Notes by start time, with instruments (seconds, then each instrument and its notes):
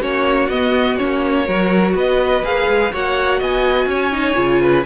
0.00 cello A#3, viola C#4, violin F#4 C#5
0.49 cello B3, viola B3, violin D#5
0.97 cello A#3, viola C#4, violin C#5
1.46 cello F#3, viola F#4, violin A#4
1.95 cello B3, violin B4 D#5
2.43 cello A#3, viola G#4, violin F5
2.68 cello G#3
2.92 cello A#3, viola F#4, violin C#5 F#5
3.39 cello B3, violin D#5 G#5
3.86 cello C#4, violin C#5
4.12 viola D#4
4.34 cello C#3, viola F4
4.62 violin B4